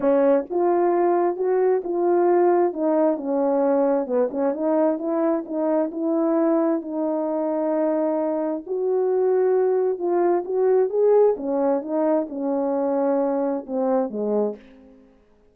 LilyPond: \new Staff \with { instrumentName = "horn" } { \time 4/4 \tempo 4 = 132 cis'4 f'2 fis'4 | f'2 dis'4 cis'4~ | cis'4 b8 cis'8 dis'4 e'4 | dis'4 e'2 dis'4~ |
dis'2. fis'4~ | fis'2 f'4 fis'4 | gis'4 cis'4 dis'4 cis'4~ | cis'2 c'4 gis4 | }